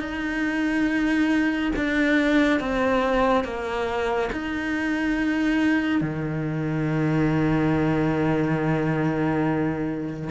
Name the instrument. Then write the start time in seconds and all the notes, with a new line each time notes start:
cello
0.00 D#4
1.76 D4
2.60 C4
3.44 A#3
4.32 D#4
6.01 D#3